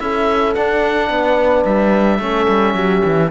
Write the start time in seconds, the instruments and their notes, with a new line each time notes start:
0.00 cello C#4, trombone E4, horn A4, oboe E5
0.55 trombone D4, cello D4, oboe F#5
1.10 cello B3, horn B4
1.66 cello G3, oboe E5
2.19 cello A3, trombone C#4, horn A4
2.50 cello G3
2.74 cello F#3, horn G4
3.05 cello E3